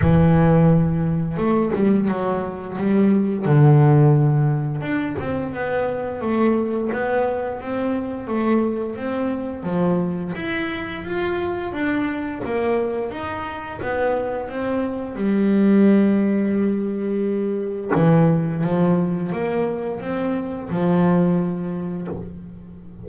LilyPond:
\new Staff \with { instrumentName = "double bass" } { \time 4/4 \tempo 4 = 87 e2 a8 g8 fis4 | g4 d2 d'8 c'8 | b4 a4 b4 c'4 | a4 c'4 f4 e'4 |
f'4 d'4 ais4 dis'4 | b4 c'4 g2~ | g2 e4 f4 | ais4 c'4 f2 | }